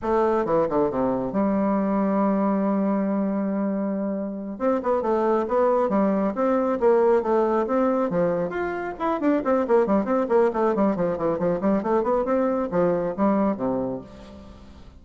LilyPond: \new Staff \with { instrumentName = "bassoon" } { \time 4/4 \tempo 4 = 137 a4 e8 d8 c4 g4~ | g1~ | g2~ g8 c'8 b8 a8~ | a8 b4 g4 c'4 ais8~ |
ais8 a4 c'4 f4 f'8~ | f'8 e'8 d'8 c'8 ais8 g8 c'8 ais8 | a8 g8 f8 e8 f8 g8 a8 b8 | c'4 f4 g4 c4 | }